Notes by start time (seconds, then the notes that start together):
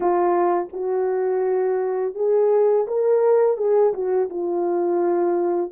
0.00 F4
0.72 F#4
2.14 G#4
2.87 A#4
3.57 G#4
3.93 F#4
4.29 F4